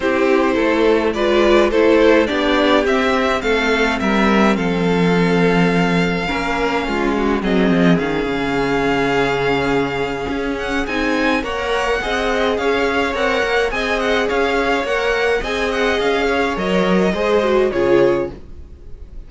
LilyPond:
<<
  \new Staff \with { instrumentName = "violin" } { \time 4/4 \tempo 4 = 105 c''2 d''4 c''4 | d''4 e''4 f''4 e''4 | f''1~ | f''4 dis''4 f''2~ |
f''2~ f''8 fis''8 gis''4 | fis''2 f''4 fis''4 | gis''8 fis''8 f''4 fis''4 gis''8 fis''8 | f''4 dis''2 cis''4 | }
  \new Staff \with { instrumentName = "violin" } { \time 4/4 g'4 a'4 b'4 a'4 | g'2 a'4 ais'4 | a'2. ais'4 | f'8 fis'8 gis'2.~ |
gis'1 | cis''4 dis''4 cis''2 | dis''4 cis''2 dis''4~ | dis''8 cis''4. c''4 gis'4 | }
  \new Staff \with { instrumentName = "viola" } { \time 4/4 e'2 f'4 e'4 | d'4 c'2.~ | c'2. cis'4~ | cis'4 c'4 cis'2~ |
cis'2. dis'4 | ais'4 gis'2 ais'4 | gis'2 ais'4 gis'4~ | gis'4 ais'4 gis'8 fis'8 f'4 | }
  \new Staff \with { instrumentName = "cello" } { \time 4/4 c'4 a4 gis4 a4 | b4 c'4 a4 g4 | f2. ais4 | gis4 fis8 f8 dis8 cis4.~ |
cis2 cis'4 c'4 | ais4 c'4 cis'4 c'8 ais8 | c'4 cis'4 ais4 c'4 | cis'4 fis4 gis4 cis4 | }
>>